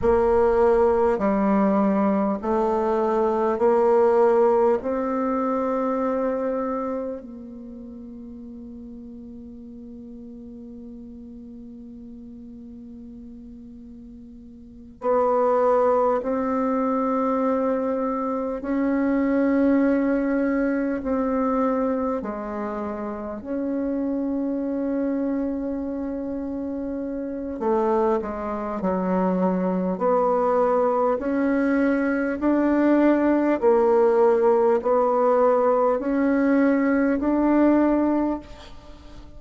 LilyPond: \new Staff \with { instrumentName = "bassoon" } { \time 4/4 \tempo 4 = 50 ais4 g4 a4 ais4 | c'2 ais2~ | ais1~ | ais8 b4 c'2 cis'8~ |
cis'4. c'4 gis4 cis'8~ | cis'2. a8 gis8 | fis4 b4 cis'4 d'4 | ais4 b4 cis'4 d'4 | }